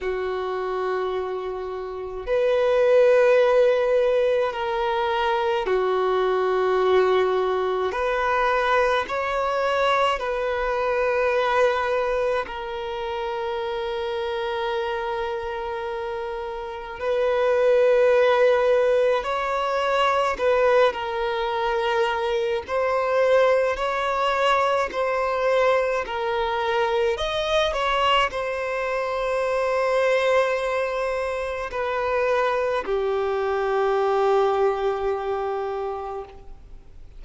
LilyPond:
\new Staff \with { instrumentName = "violin" } { \time 4/4 \tempo 4 = 53 fis'2 b'2 | ais'4 fis'2 b'4 | cis''4 b'2 ais'4~ | ais'2. b'4~ |
b'4 cis''4 b'8 ais'4. | c''4 cis''4 c''4 ais'4 | dis''8 cis''8 c''2. | b'4 g'2. | }